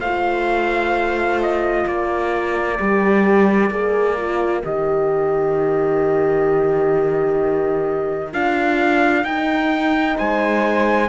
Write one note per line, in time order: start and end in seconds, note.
0.00 1.85 A3
0.00 2.79 F4
0.00 1.85 C5
0.00 1.39 F5
1.42 1.88 D#5
1.85 2.79 A#3
1.85 10.16 A#4
1.85 4.64 D5
2.79 3.71 G3
2.79 3.71 G4
3.71 4.63 A#3
3.71 4.17 G#4
4.17 4.63 F4
4.64 8.34 D#3
4.64 8.33 G4
4.64 8.33 D#5
8.33 9.24 D4
8.33 9.25 F4
8.33 9.25 F5
9.24 10.17 D#4
9.24 11.09 D#4
9.24 10.17 G5
10.17 11.09 G#3
10.17 11.09 C5
10.17 11.09 G#5